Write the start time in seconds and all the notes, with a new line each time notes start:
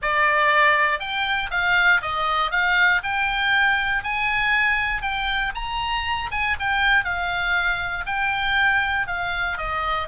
0.02 D5
0.99 G5
1.50 F5
2.01 D#5
2.51 F5
3.03 G5
4.03 G#5
5.02 G5
5.54 A#5
6.31 G#5
6.59 G5
7.04 F5
8.06 G5
9.07 F5
9.57 D#5